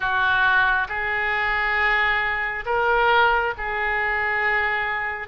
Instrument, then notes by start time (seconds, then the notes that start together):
oboe
0.00 F#4
0.88 G#4
2.65 A#4
3.57 G#4